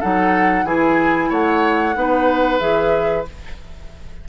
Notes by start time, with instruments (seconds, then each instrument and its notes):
0.00 bassoon F#3, clarinet D#4, oboe A4, flute F#5
0.64 bassoon E3, clarinet E4, oboe G#4, flute G#5
1.30 bassoon A3, oboe C#5, flute F#5
1.95 bassoon B3, clarinet D#4, oboe B4
2.60 bassoon E3, clarinet G#4, flute E5